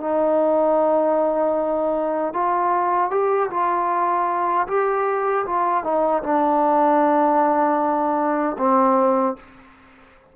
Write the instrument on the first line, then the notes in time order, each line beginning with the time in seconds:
trombone
0.00 D#4
2.33 F4
3.11 G4
3.50 F4
4.67 G4
5.46 F4
5.83 D#4
6.23 D4
8.58 C4